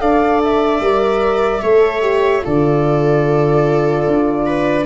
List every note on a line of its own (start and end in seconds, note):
0.00 0.80 D4
0.00 0.81 A4
0.00 1.62 D5
0.00 0.41 F5
0.44 2.46 E5
0.80 1.61 G3
0.80 1.63 A#4
1.62 2.44 A3
1.62 2.02 A4
1.62 2.43 C#5
2.02 2.42 G4
2.42 4.07 D3
2.42 4.85 F4
2.42 4.47 A4
2.42 4.87 D5
4.07 4.87 D4
4.47 4.87 B4